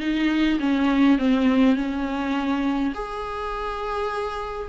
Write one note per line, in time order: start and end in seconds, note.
0.00 0.59 D#4
0.60 1.18 C#4
1.18 1.76 C4
1.76 2.93 C#4
2.95 4.69 G#4